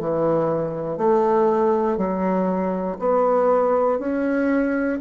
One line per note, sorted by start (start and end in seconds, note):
0.00 0.98 E3
0.98 1.98 A3
1.98 2.98 F#3
2.99 3.99 B3
3.99 4.99 C#4